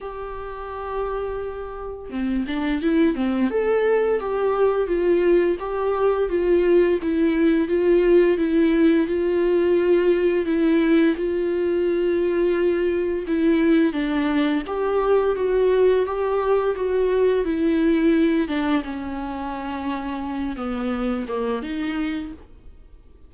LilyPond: \new Staff \with { instrumentName = "viola" } { \time 4/4 \tempo 4 = 86 g'2. c'8 d'8 | e'8 c'8 a'4 g'4 f'4 | g'4 f'4 e'4 f'4 | e'4 f'2 e'4 |
f'2. e'4 | d'4 g'4 fis'4 g'4 | fis'4 e'4. d'8 cis'4~ | cis'4. b4 ais8 dis'4 | }